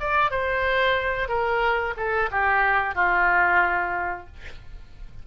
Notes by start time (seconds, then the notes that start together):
0.00 D5
0.31 C5
1.28 A#4
1.97 A4
2.31 G4
2.95 F4